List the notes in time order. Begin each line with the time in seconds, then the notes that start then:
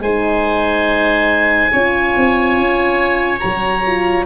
0.00 G#3 D#4 C5 G#5
1.72 C#4 F4 C#5
2.17 C4
2.57 C#4
3.40 F#3 F#4 A#5
3.87 F4